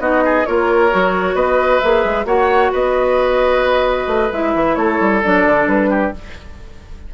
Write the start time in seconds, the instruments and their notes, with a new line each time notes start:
0.00 bassoon B3, clarinet D#4, oboe F#4, flute D#5
0.25 oboe G#4
0.46 bassoon A#3, clarinet F4, oboe A#4, flute C#5
0.91 bassoon F#3, clarinet F#4
1.35 bassoon B3, oboe B4, flute D#5
1.80 bassoon A#3, clarinet G#4, flute E5
2.05 bassoon G#3
2.26 bassoon A#3, clarinet F#4, oboe C#5, flute F#5
2.73 bassoon B3, oboe B4, flute D#5
4.08 bassoon A3
4.32 bassoon G#3, clarinet E4, flute E5
4.55 bassoon E3
4.75 bassoon A3, oboe A4, flute C#5
5.01 bassoon G3
5.23 bassoon F#3, clarinet D4, flute D5
5.47 bassoon D3
5.68 bassoon G3, flute B4
5.90 oboe G4